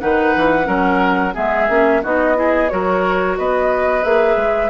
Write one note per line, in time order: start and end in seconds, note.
0.00 0.36 D#3
0.00 0.64 D#4
0.00 0.67 B4
0.00 1.35 F#5
0.36 0.67 E3
0.64 1.35 F#3
0.64 1.32 C#4
0.64 1.34 A#4
1.34 1.69 G#3
1.34 1.68 B3
1.34 2.02 G#4
1.34 2.03 E5
1.69 2.03 A#3
1.69 2.03 C#4
2.03 2.72 B3
2.03 2.35 D#4
2.03 2.36 F#4
2.03 2.69 D#5
2.35 2.69 E4
2.35 2.72 G#4
2.69 3.38 F#3
2.69 4.03 F#4
2.69 3.38 A#4
2.69 3.36 C#5
3.38 4.04 B3
3.38 4.70 B4
3.38 4.04 D#5
4.03 4.36 A#3
4.03 4.70 G#4
4.03 4.70 E5
4.36 4.70 G#3